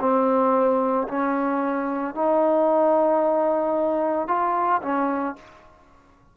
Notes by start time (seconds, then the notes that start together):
0.00 C4
1.07 C#4
2.14 D#4
4.28 F4
4.82 C#4